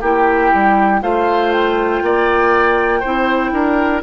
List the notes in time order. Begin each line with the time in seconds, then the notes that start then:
0.00 A#3 E4 G4 G5
0.53 G3
1.01 A3 F4 C5 F5
1.52 G5
2.02 A#3 D5
3.00 C4 E4 C5
3.52 D4 A#4